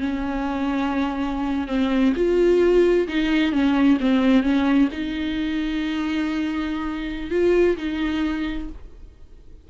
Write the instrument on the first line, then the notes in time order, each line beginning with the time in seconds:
viola
0.00 C#4
1.67 C4
2.15 F4
3.08 D#4
3.52 C#4
4.00 C4
4.43 C#4
4.92 D#4
7.30 F4
7.77 D#4